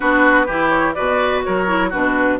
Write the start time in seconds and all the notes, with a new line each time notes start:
0.00 B3 D4 F#4 B4
0.46 E3 E4 G4
0.69 C#5
0.94 B2 F#4 B4 D5
1.43 F#3 A#4 C#5
1.66 E4
1.89 B2 D4 F#4 B4